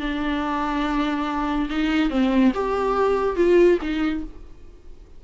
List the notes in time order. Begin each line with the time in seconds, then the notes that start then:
0.00 D4
1.70 D#4
2.10 C4
2.55 G4
3.36 F4
3.82 D#4